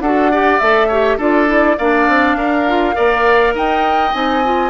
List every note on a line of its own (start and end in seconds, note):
0.00 0.59 D4
0.00 0.32 F#4
0.00 0.31 A4
0.00 0.58 F#5
0.31 0.61 G4
0.31 0.88 D5
0.58 1.17 A3
0.58 0.91 A4
0.58 1.17 E5
0.88 1.20 G4
0.88 1.17 C#5
1.17 1.76 D4
1.17 1.47 F4
1.17 1.76 A4
1.17 1.78 D5
1.47 1.76 E4
1.78 2.08 A#3
1.78 2.68 D4
1.78 2.37 D5
1.78 3.55 F5
2.08 2.35 C4
2.35 2.94 D4
2.35 2.95 A#4
2.68 2.93 F4
2.93 3.54 A#3
2.93 4.11 A#4
2.93 3.54 D5
3.54 4.13 D#4
3.54 4.70 D#5
3.54 4.13 G5
4.13 4.70 C4
4.13 4.43 D#4
4.13 4.70 G#5
4.44 4.70 F4